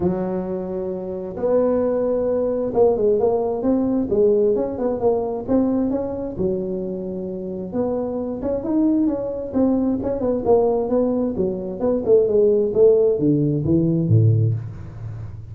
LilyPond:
\new Staff \with { instrumentName = "tuba" } { \time 4/4 \tempo 4 = 132 fis2. b4~ | b2 ais8 gis8 ais4 | c'4 gis4 cis'8 b8 ais4 | c'4 cis'4 fis2~ |
fis4 b4. cis'8 dis'4 | cis'4 c'4 cis'8 b8 ais4 | b4 fis4 b8 a8 gis4 | a4 d4 e4 a,4 | }